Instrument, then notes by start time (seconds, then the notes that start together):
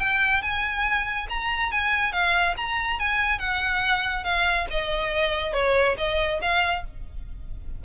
violin
0.00 G5
0.42 G#5
1.30 A#5
1.72 G#5
2.13 F5
2.57 A#5
3.00 G#5
3.39 F#5
4.24 F5
4.71 D#5
5.54 C#5
5.98 D#5
6.42 F5